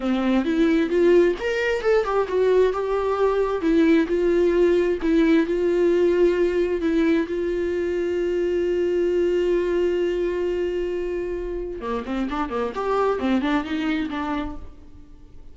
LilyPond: \new Staff \with { instrumentName = "viola" } { \time 4/4 \tempo 4 = 132 c'4 e'4 f'4 ais'4 | a'8 g'8 fis'4 g'2 | e'4 f'2 e'4 | f'2. e'4 |
f'1~ | f'1~ | f'2 ais8 c'8 d'8 ais8 | g'4 c'8 d'8 dis'4 d'4 | }